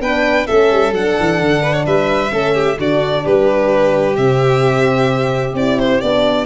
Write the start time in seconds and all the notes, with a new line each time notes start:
0.00 B3 D4 B4 G5
0.46 A3 C#4 A4 E5
0.71 G3
0.92 F#3 D4 F#5
1.19 E3
1.40 D3
1.62 B4
1.73 C#5
1.85 G3 B4 E5
2.30 A3 C#4 A4
2.54 G4
2.78 D3 D4 F#4 D5
3.23 G3 G4 B4
4.16 C3 C4 E5
5.53 C4 E4 D5
5.79 C5
6.01 B3 D4 D5